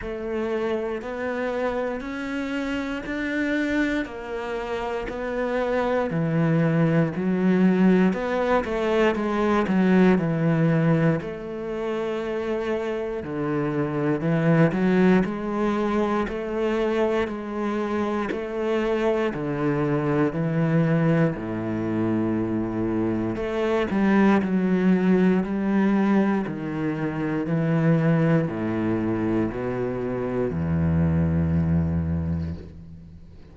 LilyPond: \new Staff \with { instrumentName = "cello" } { \time 4/4 \tempo 4 = 59 a4 b4 cis'4 d'4 | ais4 b4 e4 fis4 | b8 a8 gis8 fis8 e4 a4~ | a4 d4 e8 fis8 gis4 |
a4 gis4 a4 d4 | e4 a,2 a8 g8 | fis4 g4 dis4 e4 | a,4 b,4 e,2 | }